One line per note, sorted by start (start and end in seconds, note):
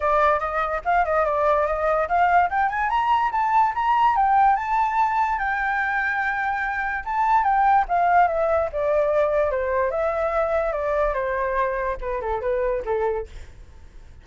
0.00 0.39 D5
0.39 0.81 D#5
0.84 1.05 F5
1.05 1.25 D#5
1.25 1.66 D5
1.66 2.08 D#5
2.08 2.49 F5
2.49 2.69 G5
2.69 2.89 G#5
2.89 3.31 A#5
3.31 3.73 A5
3.74 4.15 A#5
4.15 4.56 G5
4.56 5.38 A5
5.38 7.04 G5
7.04 7.43 A5
7.43 7.85 G5
7.88 8.27 F5
8.27 8.69 E5
8.72 9.50 D5
9.50 9.90 C5
9.90 10.72 E5
10.72 11.13 D5
11.14 11.96 C5
12.00 12.21 B4
12.21 12.41 A4
12.41 12.82 B4
12.85 13.26 A4